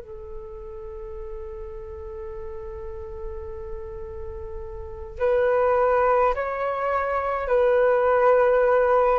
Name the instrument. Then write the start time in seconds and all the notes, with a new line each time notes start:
flute
0.00 A4
5.19 B4
6.35 C#5
7.48 B4